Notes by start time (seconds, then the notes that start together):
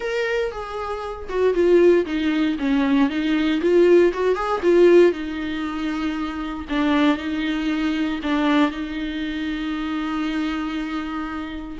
0.00 A#4
0.51 G#4
1.29 F#4
1.54 F4
2.05 D#4
2.59 C#4
3.09 D#4
3.61 F4
4.13 F#4
4.34 G#4
4.62 F4
5.11 D#4
6.69 D4
7.17 D#4
8.22 D4
8.70 D#4